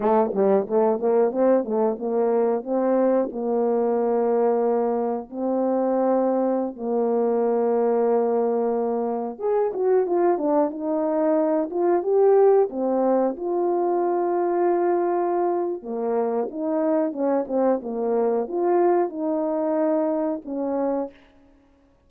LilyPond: \new Staff \with { instrumentName = "horn" } { \time 4/4 \tempo 4 = 91 a8 g8 a8 ais8 c'8 a8 ais4 | c'4 ais2. | c'2~ c'16 ais4.~ ais16~ | ais2~ ais16 gis'8 fis'8 f'8 d'16~ |
d'16 dis'4. f'8 g'4 c'8.~ | c'16 f'2.~ f'8. | ais4 dis'4 cis'8 c'8 ais4 | f'4 dis'2 cis'4 | }